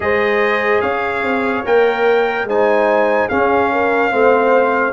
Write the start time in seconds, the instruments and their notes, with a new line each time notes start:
0.00 tuba G#3, trombone G#4, horn C5, trumpet D#5
0.81 tuba C#4, horn C#5, trumpet F5
1.23 tuba C4
1.64 tuba A#3, trombone A#4, trumpet G5
2.43 tuba G#3, trombone D#4, horn C5, trumpet G#5
3.28 trombone C#4, tuba C#4, horn G#4, trumpet F5
3.71 horn A#4
4.10 tuba A3, trombone C4, horn C5